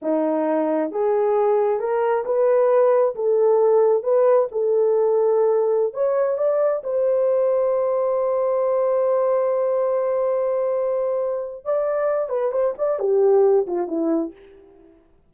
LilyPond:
\new Staff \with { instrumentName = "horn" } { \time 4/4 \tempo 4 = 134 dis'2 gis'2 | ais'4 b'2 a'4~ | a'4 b'4 a'2~ | a'4~ a'16 cis''4 d''4 c''8.~ |
c''1~ | c''1~ | c''2 d''4. b'8 | c''8 d''8 g'4. f'8 e'4 | }